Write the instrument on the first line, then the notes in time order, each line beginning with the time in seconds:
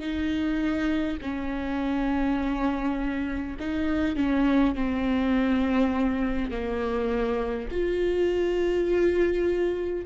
viola
0.00 D#4
1.22 C#4
3.60 D#4
4.17 C#4
4.75 C4
6.51 A#3
7.72 F4